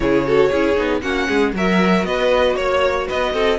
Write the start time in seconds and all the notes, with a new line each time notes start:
0.00 C#3 E4 G#4 C#5
0.26 F#4 A4
0.49 C#4 E4 G#4
0.75 B3 D#4
1.01 A#3 C#4 F#4 F#5
1.27 G#3 G#4
1.53 F#3 F#4 A#4 E5
2.04 B3 B4 D#5
2.56 A#3 C#5
3.07 B3 B4 D#5
3.33 C4 A4